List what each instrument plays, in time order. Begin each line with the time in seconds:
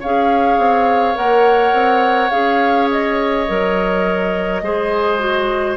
0.00 bassoon C#4, clarinet G#4, oboe C#5, flute F5
0.57 bassoon C4
1.14 bassoon A#3, clarinet A#4, flute F#5
1.73 bassoon C4
2.31 bassoon C#4, clarinet G#4, flute F5
2.91 flute D#5
3.48 bassoon F#3, clarinet A#4
4.62 bassoon G#3, clarinet G#4, oboe C5
5.18 clarinet F#4